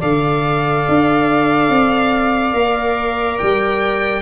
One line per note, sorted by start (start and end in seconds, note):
0.00 0.87 D3
0.00 2.54 A4
0.00 4.22 D5
0.00 3.39 F5
0.89 1.70 D4
1.70 2.53 C4
2.53 3.38 A#3
2.53 4.22 A#4
3.39 4.22 G3
3.39 4.22 G5